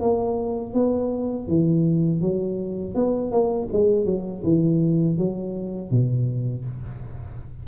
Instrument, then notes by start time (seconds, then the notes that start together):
tuba
0.00 A#3
0.73 B3
1.47 E3
2.21 F#3
2.94 B3
3.31 A#3
3.72 G#3
4.05 F#3
4.43 E3
5.18 F#3
5.90 B2